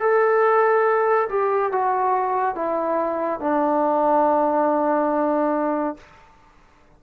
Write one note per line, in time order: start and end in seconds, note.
0.00 1.29 A4
1.29 1.72 G4
1.72 2.55 F#4
2.55 3.40 E4
3.40 5.97 D4